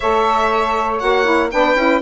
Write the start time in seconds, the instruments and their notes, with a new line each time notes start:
0.00 bassoon A3, saxophone A4 C#5, violin E5
0.99 bassoon A#3, saxophone F#4, violin F#5
1.24 saxophone E4
1.51 bassoon B3, saxophone D4 B4, violin G5
1.74 bassoon C#4, saxophone E4